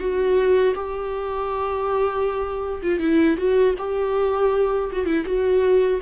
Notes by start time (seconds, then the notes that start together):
0.00 F#4
0.75 G4
2.83 F4
3.00 E4
3.38 F#4
3.78 G4
4.92 F#4
5.06 E4
5.25 F#4